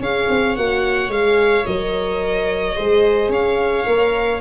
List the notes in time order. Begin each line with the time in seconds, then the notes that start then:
0.00 C#4 G#4 C#5 F5
0.30 C4
0.56 A#3 F#4 F#5
1.09 G#3 G#4 F5
1.66 F#3 A#4 D#5
2.76 G#3 G#4 C5
3.29 C#4 C#5 F5
3.86 A#3 A#4